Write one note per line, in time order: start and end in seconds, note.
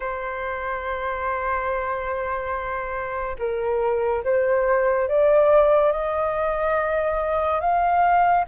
0.00 3.36 C5
3.38 4.23 A#4
4.24 5.08 C5
5.08 5.92 D5
5.92 7.60 D#5
7.60 8.45 F5